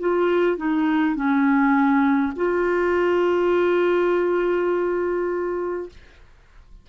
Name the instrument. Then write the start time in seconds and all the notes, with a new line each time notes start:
clarinet
0.00 F4
0.58 D#4
1.16 C#4
2.36 F4